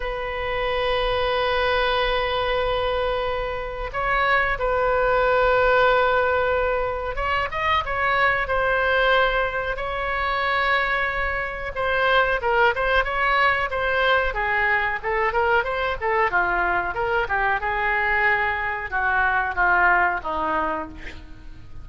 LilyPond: \new Staff \with { instrumentName = "oboe" } { \time 4/4 \tempo 4 = 92 b'1~ | b'2 cis''4 b'4~ | b'2. cis''8 dis''8 | cis''4 c''2 cis''4~ |
cis''2 c''4 ais'8 c''8 | cis''4 c''4 gis'4 a'8 ais'8 | c''8 a'8 f'4 ais'8 g'8 gis'4~ | gis'4 fis'4 f'4 dis'4 | }